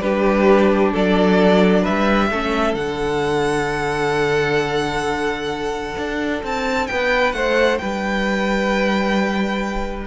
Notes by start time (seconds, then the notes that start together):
0.00 G3 D4 G4 B4
0.92 F#3 A4 D5
1.81 B4 E5
1.88 G3
2.30 A3 C#4 A4
2.74 D3 D4 F#5
5.97 D4
6.43 C4 A5
6.87 B3 B4 G5
7.32 A3 C5 F#5
7.78 G3 B4 G5